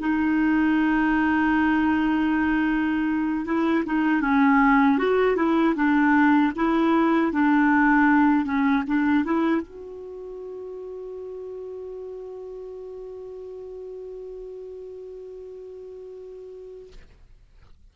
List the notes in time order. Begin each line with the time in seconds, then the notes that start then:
0.00 D#4
3.45 E4
3.86 D#4
4.21 C#4
4.99 F#4
5.36 E4
5.76 D4
6.56 E4
7.32 D4
8.45 C#4
8.87 D4
9.24 E4
9.62 F#4